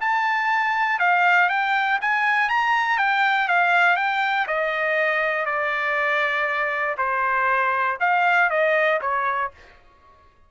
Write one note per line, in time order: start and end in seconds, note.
0.00 0.99 A5
0.99 1.49 F5
1.49 1.99 G5
2.01 2.49 G#5
2.49 2.98 A#5
2.98 3.48 G5
3.48 3.96 F5
3.96 4.46 G5
4.47 5.45 D#5
5.45 6.95 D5
6.97 7.97 C5
8.00 8.50 F5
8.50 9.00 D#5
9.01 9.51 C#5